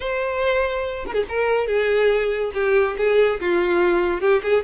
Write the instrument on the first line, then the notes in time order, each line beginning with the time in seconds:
violin
0.00 C5
1.06 A#4
1.13 G#4
1.28 A#4
1.67 G#4
2.54 G4
2.97 G#4
3.40 F4
4.20 G4
4.42 G#4